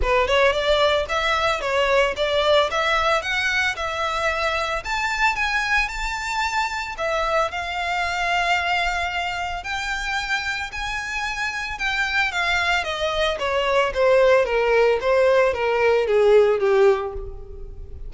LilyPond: \new Staff \with { instrumentName = "violin" } { \time 4/4 \tempo 4 = 112 b'8 cis''8 d''4 e''4 cis''4 | d''4 e''4 fis''4 e''4~ | e''4 a''4 gis''4 a''4~ | a''4 e''4 f''2~ |
f''2 g''2 | gis''2 g''4 f''4 | dis''4 cis''4 c''4 ais'4 | c''4 ais'4 gis'4 g'4 | }